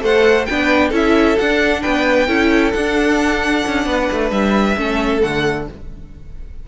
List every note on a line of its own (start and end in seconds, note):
0.00 0.47 A3
0.00 0.45 A4
0.00 0.48 C5
0.00 0.46 F#5
0.46 0.92 B3
0.46 0.93 D4
0.46 0.89 B4
0.46 0.91 G5
0.89 1.37 C#4
0.89 1.38 E4
0.89 1.79 A4
0.95 1.38 E5
1.38 1.84 D4
1.38 2.28 D4
1.38 1.82 F#5
1.82 2.28 B3
1.82 2.27 B4
1.82 2.72 G5
2.27 2.73 C#4
2.27 2.73 E4
2.27 3.85 A4
2.72 3.65 D4
2.72 4.77 D4
2.72 4.30 F#5
3.67 3.86 C#4
3.86 4.08 B3
3.86 4.78 B4
4.12 4.31 A3
4.31 4.76 G3
4.31 5.22 E5
4.77 5.23 A3
4.77 5.21 C#4
4.77 5.68 A4
5.21 5.68 D3
5.21 5.66 A3
5.21 5.67 F#5